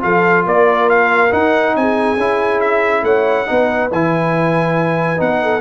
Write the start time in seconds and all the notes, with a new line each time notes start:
0.00 F3 F4 A4 F5
0.45 A#3 A#4 D5
0.89 F5
1.31 D#4 F#5
1.75 C4 G#4 G#5
2.17 C#4 E4
2.61 E5
3.03 A3 C#5 F#5
3.46 B3 D#4 B4
3.91 E3 E4 G#5
5.17 B3 D#4 F#5
5.42 A4